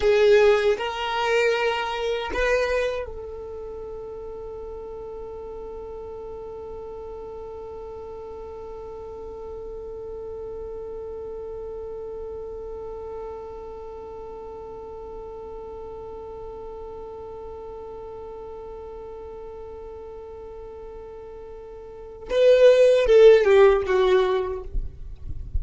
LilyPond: \new Staff \with { instrumentName = "violin" } { \time 4/4 \tempo 4 = 78 gis'4 ais'2 b'4 | a'1~ | a'1~ | a'1~ |
a'1~ | a'1~ | a'1~ | a'4 b'4 a'8 g'8 fis'4 | }